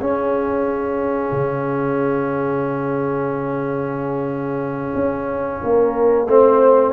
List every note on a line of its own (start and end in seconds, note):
0.00 1.32 C#4
0.00 6.27 C#4
0.00 5.60 G#4
0.00 6.93 F5
1.32 4.94 C#3
4.95 5.61 C#4
5.63 6.27 A#3
5.63 6.29 A#4
6.27 6.93 A3
6.27 6.93 C4
6.27 6.93 C5